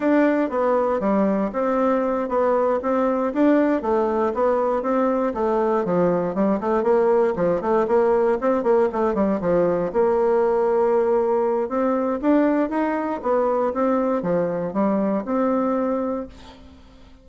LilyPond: \new Staff \with { instrumentName = "bassoon" } { \time 4/4 \tempo 4 = 118 d'4 b4 g4 c'4~ | c'8 b4 c'4 d'4 a8~ | a8 b4 c'4 a4 f8~ | f8 g8 a8 ais4 f8 a8 ais8~ |
ais8 c'8 ais8 a8 g8 f4 ais8~ | ais2. c'4 | d'4 dis'4 b4 c'4 | f4 g4 c'2 | }